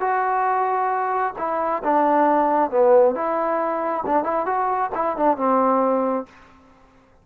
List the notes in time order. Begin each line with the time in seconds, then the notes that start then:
0.00 F#4
1.38 E4
1.84 D4
2.70 B3
3.15 E4
4.06 D4
4.23 E4
4.45 F#4
4.94 E4
5.16 D4
5.36 C4